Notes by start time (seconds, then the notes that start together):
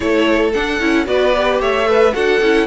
0.00 A3 E4 A4 C#5
0.53 D4 F#5
0.80 C#4 E4
1.05 B3 F#4 B4 D5
1.36 G4
1.59 A3 C#5 E5
1.85 A4 B4
2.13 D4 F#4 A4 F#5
2.41 C#4 E4